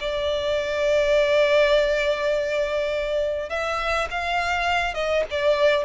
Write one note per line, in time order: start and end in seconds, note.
0.00 3.49 D5
3.49 4.08 E5
4.10 4.94 F5
4.94 5.24 D#5
5.30 5.84 D5